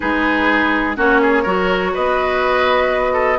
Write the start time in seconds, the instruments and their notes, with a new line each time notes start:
0.00 bassoon G#3, clarinet D#4, oboe G#4, flute B4
0.96 bassoon A#3, clarinet C#4, oboe F#4, flute C#5
1.21 oboe G#4
1.43 bassoon F#3, clarinet F#4, oboe A#4
1.93 bassoon B3, oboe B4, flute D#5
3.13 oboe A4